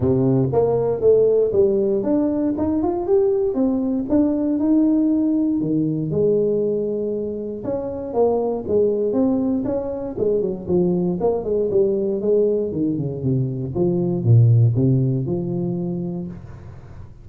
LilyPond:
\new Staff \with { instrumentName = "tuba" } { \time 4/4 \tempo 4 = 118 c4 ais4 a4 g4 | d'4 dis'8 f'8 g'4 c'4 | d'4 dis'2 dis4 | gis2. cis'4 |
ais4 gis4 c'4 cis'4 | gis8 fis8 f4 ais8 gis8 g4 | gis4 dis8 cis8 c4 f4 | ais,4 c4 f2 | }